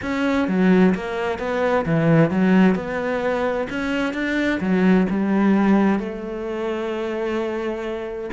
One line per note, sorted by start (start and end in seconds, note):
0.02 0.48 C#4
0.48 0.94 F#3
0.95 1.38 A#3
1.38 1.85 B3
1.85 2.30 E3
2.30 2.75 F#3
2.75 3.67 B3
3.69 4.13 C#4
4.13 4.59 D4
4.60 5.06 F#3
5.10 5.99 G3
5.99 8.30 A3